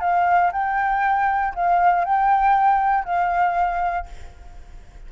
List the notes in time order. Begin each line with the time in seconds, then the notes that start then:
0.00 F5
0.52 G5
1.54 F5
2.04 G5
3.04 F5